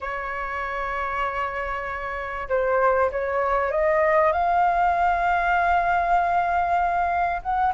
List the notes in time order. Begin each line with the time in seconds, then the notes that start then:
0.00 C#5
2.49 C5
3.11 C#5
3.71 D#5
4.32 F5
7.42 F#5